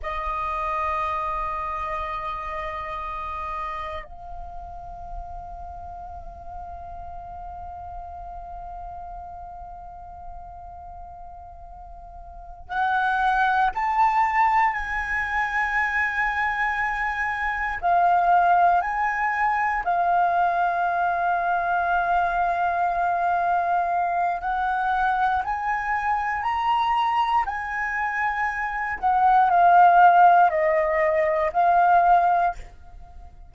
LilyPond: \new Staff \with { instrumentName = "flute" } { \time 4/4 \tempo 4 = 59 dis''1 | f''1~ | f''1~ | f''8 fis''4 a''4 gis''4.~ |
gis''4. f''4 gis''4 f''8~ | f''1 | fis''4 gis''4 ais''4 gis''4~ | gis''8 fis''8 f''4 dis''4 f''4 | }